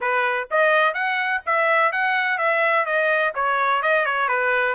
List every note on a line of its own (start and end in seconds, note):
0.00 0.48 B4
0.50 0.94 D#5
0.94 1.41 F#5
1.46 1.92 E5
1.92 2.37 F#5
2.37 2.85 E5
2.85 3.33 D#5
3.34 3.82 C#5
3.82 4.05 D#5
4.05 4.28 C#5
4.28 4.74 B4